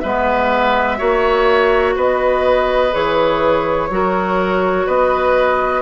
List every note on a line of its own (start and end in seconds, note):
0.00 1.01 G#3
0.00 0.98 B3
0.00 0.98 B4
0.00 1.94 E5
0.98 1.97 A#3
0.98 2.92 F#4
0.98 1.95 C#5
1.96 2.93 B3
1.96 3.89 B4
1.96 2.94 D#5
2.92 3.90 E3
2.92 3.89 G#4
2.92 4.88 C#5
3.90 4.87 F#3
3.90 5.82 F#4
3.90 4.86 A#4
4.86 5.82 B3
4.86 5.82 B4
4.86 5.82 D#5